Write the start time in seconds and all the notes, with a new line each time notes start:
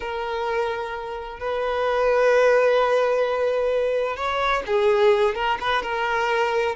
0.00 A#4
1.39 B4
4.16 C#5
4.66 G#4
5.34 A#4
5.60 B4
5.82 A#4